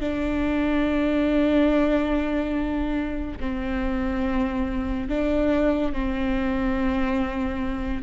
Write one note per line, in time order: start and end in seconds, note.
0.00 3.38 D4
3.40 5.09 C4
5.09 5.93 D4
5.93 8.03 C4